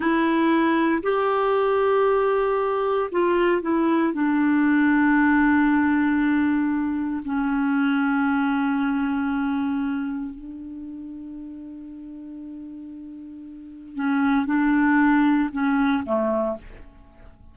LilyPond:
\new Staff \with { instrumentName = "clarinet" } { \time 4/4 \tempo 4 = 116 e'2 g'2~ | g'2 f'4 e'4 | d'1~ | d'2 cis'2~ |
cis'1 | d'1~ | d'2. cis'4 | d'2 cis'4 a4 | }